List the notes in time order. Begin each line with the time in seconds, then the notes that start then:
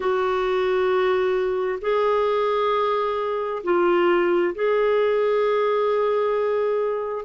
0.00 F#4
1.81 G#4
3.63 F4
4.55 G#4